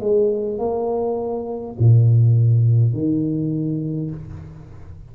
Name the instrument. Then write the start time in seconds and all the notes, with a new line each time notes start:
tuba
0.00 G#3
0.58 A#3
1.79 A#2
2.93 D#3